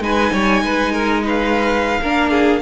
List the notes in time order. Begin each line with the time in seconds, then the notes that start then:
0.00 G#3 D#4 B4 G#5
0.33 G3 C#5
0.62 G#3 B4
0.93 A#4
1.24 B4 F5
2.01 A#3 D4 A#4
2.30 G#4